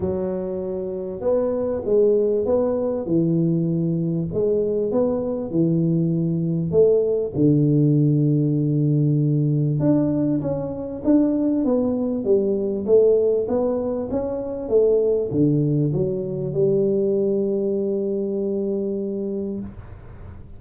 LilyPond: \new Staff \with { instrumentName = "tuba" } { \time 4/4 \tempo 4 = 98 fis2 b4 gis4 | b4 e2 gis4 | b4 e2 a4 | d1 |
d'4 cis'4 d'4 b4 | g4 a4 b4 cis'4 | a4 d4 fis4 g4~ | g1 | }